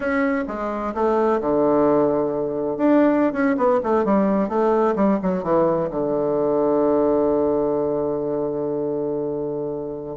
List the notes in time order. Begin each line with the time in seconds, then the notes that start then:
0.00 C#4
0.47 G#3
0.94 A3
1.41 D3
2.77 D4
3.33 C#4
3.57 B3
3.83 A3
4.04 G3
4.48 A3
4.95 G3
5.22 F#3
5.43 E3
5.90 D3